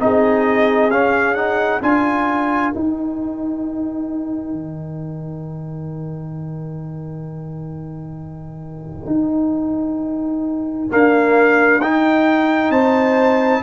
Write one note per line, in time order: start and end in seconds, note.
0.00 0.90 C4
0.00 0.91 D#4
0.00 1.84 G#4
0.00 0.91 D#5
0.90 1.81 C#4
0.90 1.36 C#4
0.90 1.35 F5
1.35 1.81 D#4
1.35 1.81 F#5
1.82 2.74 D4
1.82 2.73 F4
1.82 12.71 A#4
1.82 2.74 G#5
2.73 10.90 D#4
2.73 4.53 D#4
2.73 10.92 G5
4.53 9.06 D#3
9.06 10.88 D#4
10.90 11.81 A#3
10.90 11.82 D4
10.90 11.81 F5
11.81 12.71 D#4
11.81 13.63 D#4
11.81 12.72 G5
12.71 13.62 C4
12.71 13.62 C5
12.71 13.63 A5